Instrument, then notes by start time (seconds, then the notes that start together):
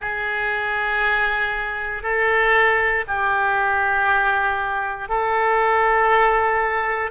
oboe
0.00 G#4
2.02 A4
3.07 G4
5.08 A4